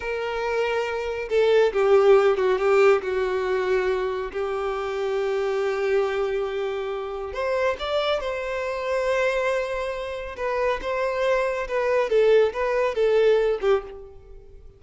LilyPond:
\new Staff \with { instrumentName = "violin" } { \time 4/4 \tempo 4 = 139 ais'2. a'4 | g'4. fis'8 g'4 fis'4~ | fis'2 g'2~ | g'1~ |
g'4 c''4 d''4 c''4~ | c''1 | b'4 c''2 b'4 | a'4 b'4 a'4. g'8 | }